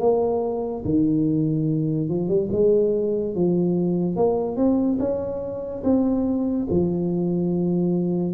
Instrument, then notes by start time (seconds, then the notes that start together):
tuba
0.00 A#3
0.85 D#3
2.09 F3
2.29 G3
2.52 G#3
3.35 F3
4.17 A#3
4.57 C4
5.00 C#4
5.84 C4
6.70 F3